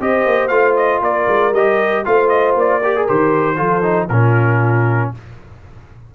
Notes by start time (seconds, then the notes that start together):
0.00 C4 G4 C5 D#5
0.26 A#3
0.48 A3 F4 F5
0.76 D#5
1.01 A#3 A#4 D5
1.28 G#3
1.52 G3 G4 D#5
2.05 A3 F4 C5 F5
2.29 D#5
2.55 A#3 D5
2.81 G4 A#4
2.96 G#4
3.08 D#3 G4 C5
3.56 F3 F4 A4
3.83 D#4
4.09 A#2 C#4 F4 A#4